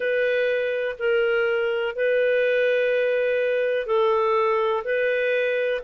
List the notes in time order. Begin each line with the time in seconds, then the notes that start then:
0.00 B4
0.98 A#4
1.95 B4
3.86 A4
4.84 B4